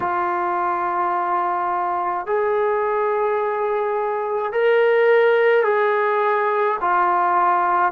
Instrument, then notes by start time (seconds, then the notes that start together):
trombone
0.00 F4
2.26 G#4
4.52 A#4
5.63 G#4
6.80 F4